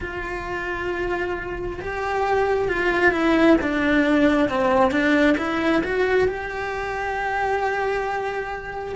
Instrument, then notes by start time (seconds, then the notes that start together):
cello
0.00 F4
1.81 G4
2.68 F4
3.11 E4
3.61 D4
4.48 C4
4.91 D4
5.37 E4
5.83 F#4
6.28 G4